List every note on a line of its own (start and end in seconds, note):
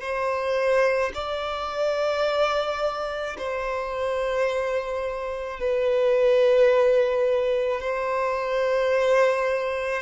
0.00 1.11 C5
1.14 3.36 D5
3.37 5.59 C5
5.59 7.80 B4
7.80 10.02 C5